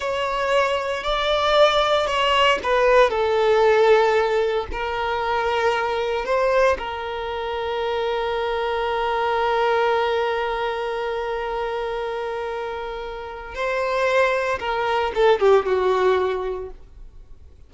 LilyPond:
\new Staff \with { instrumentName = "violin" } { \time 4/4 \tempo 4 = 115 cis''2 d''2 | cis''4 b'4 a'2~ | a'4 ais'2. | c''4 ais'2.~ |
ais'1~ | ais'1~ | ais'2 c''2 | ais'4 a'8 g'8 fis'2 | }